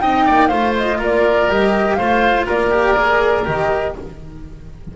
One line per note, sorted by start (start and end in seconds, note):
0.00 0.27 C4
0.00 0.50 D#4
0.00 0.25 D#5
0.00 0.48 G5
0.25 0.51 A#3
0.25 0.48 D5
0.48 1.00 A3
0.48 1.49 F4
0.48 0.98 C5
0.48 0.72 F5
0.77 1.01 D#5
0.98 1.48 A#3
0.98 1.96 A#4
0.98 1.51 D5
1.48 1.97 G3
1.48 1.98 G4
1.48 1.94 D#5
1.94 2.47 A3
1.94 2.71 F4
1.94 2.46 C5
1.94 2.43 F5
2.46 3.47 A#3
2.46 3.94 A#4
2.46 3.46 D5
2.71 2.95 G4
2.96 3.44 G#4
3.44 3.96 D#3
3.44 3.93 G4
3.44 3.95 D#5